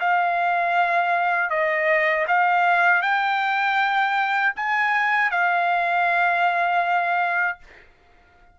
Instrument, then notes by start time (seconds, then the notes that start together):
trumpet
0.00 F5
1.50 D#5
2.28 F5
3.02 G5
4.56 G#5
5.31 F5